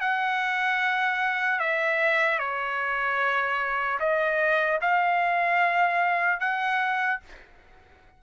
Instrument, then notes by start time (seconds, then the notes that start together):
trumpet
0.00 F#5
1.59 E5
2.39 C#5
3.99 D#5
4.81 F5
6.40 F#5